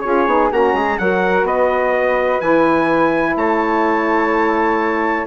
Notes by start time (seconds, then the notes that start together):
0.00 C#4 F4 G#4 C#5
0.26 B3 D#4
0.50 A#3 C#4 F#4 A#5
0.73 G#3 G#4
0.98 F#3 F#4 A#4 F#5
1.43 B3 B4 D#5
2.40 E3 E4 G#5
3.36 A3 C#5 A5